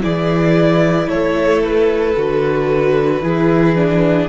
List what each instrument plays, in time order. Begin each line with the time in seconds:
0.00 cello E3, viola E4, violin G#4 D5
1.08 cello A3, violin A4 C#5
1.63 violin B4
2.16 cello D3, viola F#4
3.21 cello E3, viola E4, violin G#4
3.75 viola D4